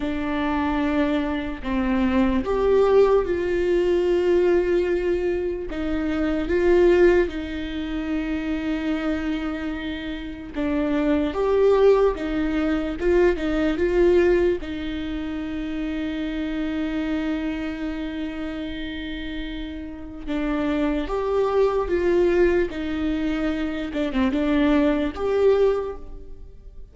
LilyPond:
\new Staff \with { instrumentName = "viola" } { \time 4/4 \tempo 4 = 74 d'2 c'4 g'4 | f'2. dis'4 | f'4 dis'2.~ | dis'4 d'4 g'4 dis'4 |
f'8 dis'8 f'4 dis'2~ | dis'1~ | dis'4 d'4 g'4 f'4 | dis'4. d'16 c'16 d'4 g'4 | }